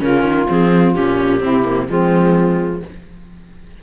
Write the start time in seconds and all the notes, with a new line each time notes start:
0.00 C#3 C#4 F4 A#4
0.23 D#3
0.49 F3 C4 G#4
0.94 A#2 C#4 G4
1.40 C3 C4 E4
1.65 A#3
1.89 F3 G#3 C4 F4